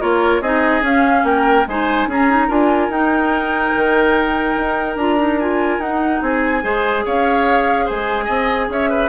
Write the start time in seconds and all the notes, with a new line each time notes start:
0.00 A#3 F4 A#4 C#5
0.40 C4 D#4 G#4 D#5
0.81 C#4 F5
1.23 A#3 A#4 G5
1.66 G#3 D#4 C5 G#5
2.06 C#4 G#4 A#5
2.30 D#4
2.47 D4 F4 A#4 G#5
2.88 D#4 G5
3.75 D#3
4.56 D#4
4.95 D4 F4 A#5
5.17 D#4
5.39 F4 G#5
5.78 D#4 F#5
6.21 C4 G#4 G#5
6.62 G#3 G#4 C5
7.05 C#4 C#5 F5
7.85 G#3 C5 G#5
8.24 C4 D#5
8.68 C#4 C#5 E5
8.89 B4